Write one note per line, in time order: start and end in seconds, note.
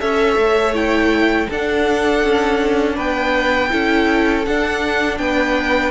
0.00 0.37 C#4
0.00 0.74 A4
0.00 1.49 C#5
0.00 0.75 E5
0.37 1.48 A3
0.74 1.48 E4
0.74 1.50 G5
1.49 2.24 D4
1.49 3.71 D4
1.49 2.96 A4
1.49 2.99 F#5
2.24 2.98 C#4
2.96 3.73 B3
2.96 3.70 B4
2.96 4.46 G5
3.71 4.47 C#4
3.71 4.45 E4
3.71 5.20 A4
4.46 5.19 D4
4.46 5.92 D4
4.46 5.18 F#5
5.18 5.92 B3
5.18 5.92 B4
5.18 5.92 G5